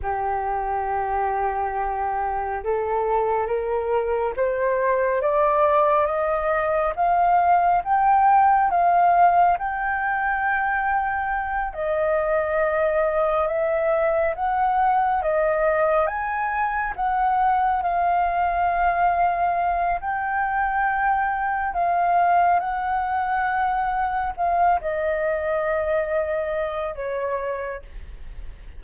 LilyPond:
\new Staff \with { instrumentName = "flute" } { \time 4/4 \tempo 4 = 69 g'2. a'4 | ais'4 c''4 d''4 dis''4 | f''4 g''4 f''4 g''4~ | g''4. dis''2 e''8~ |
e''8 fis''4 dis''4 gis''4 fis''8~ | fis''8 f''2~ f''8 g''4~ | g''4 f''4 fis''2 | f''8 dis''2~ dis''8 cis''4 | }